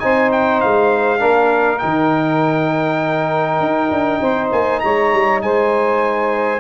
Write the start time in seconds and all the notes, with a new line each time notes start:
0.00 C4 D#4 C5 G#5
0.32 G5
0.61 G#3 F5
1.19 A#3 D4 A#4
1.79 D#3 D#4 G5
3.60 D#4
3.91 D4
4.21 C4 C5
4.52 A#3 G#5
4.80 G#3 C#5 A#5
5.13 G3
5.42 G#3 C5 G#5